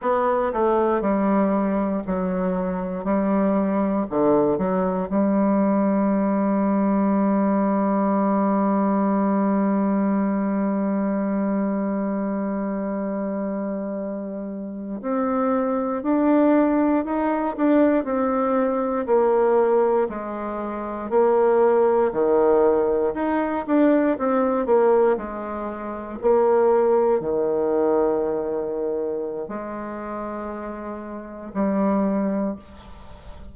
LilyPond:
\new Staff \with { instrumentName = "bassoon" } { \time 4/4 \tempo 4 = 59 b8 a8 g4 fis4 g4 | d8 fis8 g2.~ | g1~ | g2~ g8. c'4 d'16~ |
d'8. dis'8 d'8 c'4 ais4 gis16~ | gis8. ais4 dis4 dis'8 d'8 c'16~ | c'16 ais8 gis4 ais4 dis4~ dis16~ | dis4 gis2 g4 | }